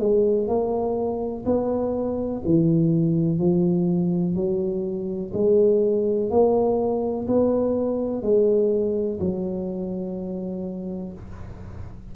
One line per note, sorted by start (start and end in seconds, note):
0.00 0.48 G#3
0.48 1.45 A#3
1.46 2.43 B3
2.45 3.39 E3
3.39 4.35 F3
4.35 5.32 F#3
5.34 6.31 G#3
6.31 7.28 A#3
7.28 8.23 B3
8.23 9.19 G#3
9.20 11.14 F#3